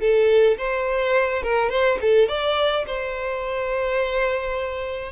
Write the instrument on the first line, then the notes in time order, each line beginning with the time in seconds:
violin
0.00 A4
0.57 C5
1.43 A#4
1.69 C5
2.01 A4
2.28 D5
2.86 C5